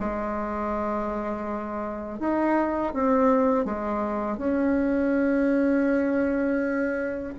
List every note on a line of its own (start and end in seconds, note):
0.00 2.20 G#3
2.20 2.93 D#4
2.93 3.65 C4
3.65 4.38 G#3
4.38 7.34 C#4